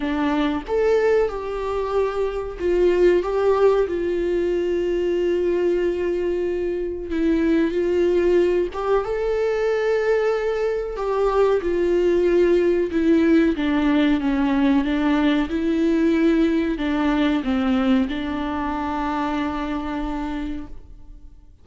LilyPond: \new Staff \with { instrumentName = "viola" } { \time 4/4 \tempo 4 = 93 d'4 a'4 g'2 | f'4 g'4 f'2~ | f'2. e'4 | f'4. g'8 a'2~ |
a'4 g'4 f'2 | e'4 d'4 cis'4 d'4 | e'2 d'4 c'4 | d'1 | }